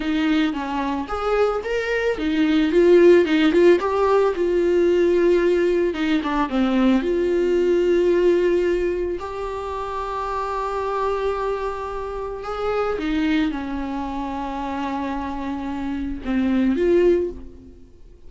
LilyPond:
\new Staff \with { instrumentName = "viola" } { \time 4/4 \tempo 4 = 111 dis'4 cis'4 gis'4 ais'4 | dis'4 f'4 dis'8 f'8 g'4 | f'2. dis'8 d'8 | c'4 f'2.~ |
f'4 g'2.~ | g'2. gis'4 | dis'4 cis'2.~ | cis'2 c'4 f'4 | }